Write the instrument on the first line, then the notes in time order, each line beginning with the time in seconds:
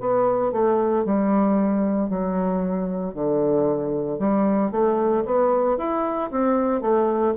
bassoon
0.00 B3
0.52 A3
1.04 G3
2.09 F#3
3.14 D3
4.19 G3
4.71 A3
5.25 B3
5.78 E4
6.31 C4
6.81 A3